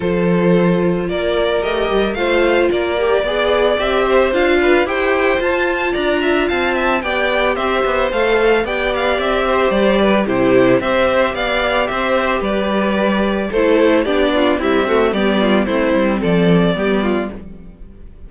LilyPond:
<<
  \new Staff \with { instrumentName = "violin" } { \time 4/4 \tempo 4 = 111 c''2 d''4 dis''4 | f''4 d''2 e''4 | f''4 g''4 a''4 ais''4 | a''4 g''4 e''4 f''4 |
g''8 f''8 e''4 d''4 c''4 | e''4 f''4 e''4 d''4~ | d''4 c''4 d''4 e''4 | d''4 c''4 d''2 | }
  \new Staff \with { instrumentName = "violin" } { \time 4/4 a'2 ais'2 | c''4 ais'4 d''4. c''8~ | c''8 b'8 c''2 d''8 e''8 | f''8 e''8 d''4 c''2 |
d''4. c''4 b'8 g'4 | c''4 d''4 c''4 b'4~ | b'4 a'4 g'8 f'8 e'8 fis'8 | g'8 f'8 e'4 a'4 g'8 f'8 | }
  \new Staff \with { instrumentName = "viola" } { \time 4/4 f'2. g'4 | f'4. g'8 gis'4 g'4 | f'4 g'4 f'2~ | f'4 g'2 a'4 |
g'2. e'4 | g'1~ | g'4 e'4 d'4 g8 a8 | b4 c'2 b4 | }
  \new Staff \with { instrumentName = "cello" } { \time 4/4 f2 ais4 a8 g8 | a4 ais4 b4 c'4 | d'4 e'4 f'4 d'4 | c'4 b4 c'8 b8 a4 |
b4 c'4 g4 c4 | c'4 b4 c'4 g4~ | g4 a4 b4 c'4 | g4 a8 g8 f4 g4 | }
>>